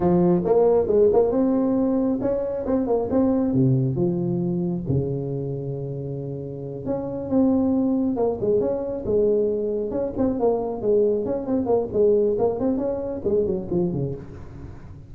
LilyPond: \new Staff \with { instrumentName = "tuba" } { \time 4/4 \tempo 4 = 136 f4 ais4 gis8 ais8 c'4~ | c'4 cis'4 c'8 ais8 c'4 | c4 f2 cis4~ | cis2.~ cis8 cis'8~ |
cis'8 c'2 ais8 gis8 cis'8~ | cis'8 gis2 cis'8 c'8 ais8~ | ais8 gis4 cis'8 c'8 ais8 gis4 | ais8 c'8 cis'4 gis8 fis8 f8 cis8 | }